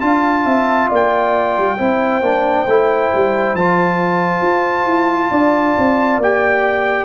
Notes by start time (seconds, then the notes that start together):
0.00 D4 F4 F5 A5
0.45 C4 E5
0.89 A#3 D5 G5
1.57 G3
1.78 C4 E4 C5
2.20 A#3 D4
2.67 A3 E4
3.14 G3
3.54 F3 F4 A5
4.41 F4
4.85 E4
5.30 D4 D5
5.78 C4
6.17 A#3 G4 G5